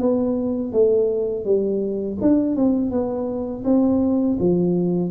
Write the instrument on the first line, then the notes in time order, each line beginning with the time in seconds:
tuba
0.00 B3
0.73 A3
1.45 G3
2.22 D4
2.56 C4
2.91 B3
3.65 C4
4.40 F3